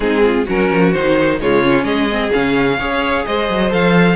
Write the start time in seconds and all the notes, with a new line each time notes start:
0.00 G#3 C4 D#4 G#4
0.23 F4
0.45 F#3 C#4 F#4 A#4
0.70 F3
0.92 D#3 D#4 C5
1.40 C#3 G#3 F4 C#5
1.63 C#4
1.83 G#3 G#4 D#5
2.10 C4
2.32 C#3 C#4 F5
2.78 C#4 G#4 C#5
3.25 G#3 C5 D#5
3.49 F#3
3.69 F3 A4 F5